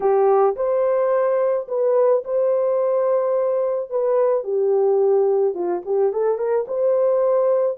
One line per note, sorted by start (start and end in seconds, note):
0.00 0.55 G4
0.56 1.67 C5
1.68 2.23 B4
2.24 3.90 C5
3.90 4.43 B4
4.43 5.54 G4
5.54 5.82 F4
5.85 6.12 G4
6.12 6.37 A4
6.37 6.65 A#4
6.67 7.77 C5